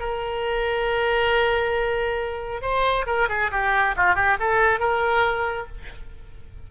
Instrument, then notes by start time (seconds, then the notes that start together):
oboe
0.00 A#4
2.62 C5
3.07 A#4
3.29 G#4
3.52 G4
3.97 F4
4.16 G4
4.40 A4
4.80 A#4